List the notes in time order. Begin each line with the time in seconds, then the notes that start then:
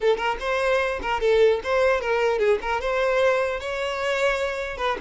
0.01 A4
0.17 A#4
0.40 C5
1.02 A#4
1.20 A4
1.63 C5
2.01 A#4
2.38 G#4
2.61 A#4
2.80 C5
3.60 C#5
4.77 B4